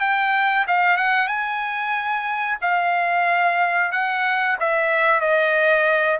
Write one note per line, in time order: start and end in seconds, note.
0.00 0.65 G5
0.67 0.97 F5
0.97 1.27 F#5
1.27 2.58 G#5
2.61 3.92 F5
3.92 4.57 F#5
4.59 5.21 E5
5.21 6.18 D#5